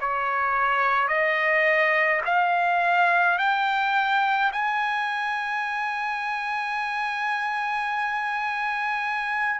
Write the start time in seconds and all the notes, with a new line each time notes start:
0.00 C#5
1.08 D#5
2.25 F5
3.39 G5
4.52 G#5